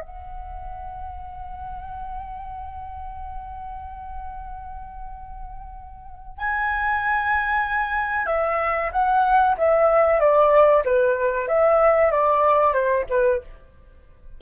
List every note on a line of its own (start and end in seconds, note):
0.00 6.37 F#5
6.37 8.26 G#5
8.26 8.90 E5
8.92 9.56 F#5
9.57 10.19 E5
10.19 10.83 D5
10.85 11.48 B4
11.48 12.11 E5
12.11 12.73 D5
12.73 13.05 C5
13.09 13.41 B4